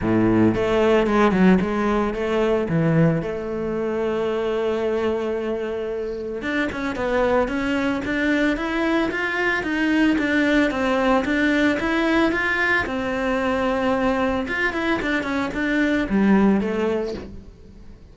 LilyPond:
\new Staff \with { instrumentName = "cello" } { \time 4/4 \tempo 4 = 112 a,4 a4 gis8 fis8 gis4 | a4 e4 a2~ | a1 | d'8 cis'8 b4 cis'4 d'4 |
e'4 f'4 dis'4 d'4 | c'4 d'4 e'4 f'4 | c'2. f'8 e'8 | d'8 cis'8 d'4 g4 a4 | }